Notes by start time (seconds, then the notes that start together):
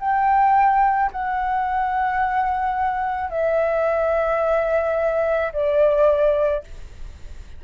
0.00 G5
1.12 F#5
3.30 E5
5.53 D5